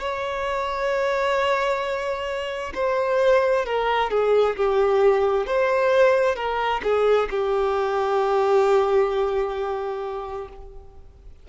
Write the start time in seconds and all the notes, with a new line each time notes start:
0.00 C#5
2.75 C5
3.66 A#4
4.10 G#4
4.57 G4
5.46 C5
6.36 A#4
6.83 G#4
7.30 G4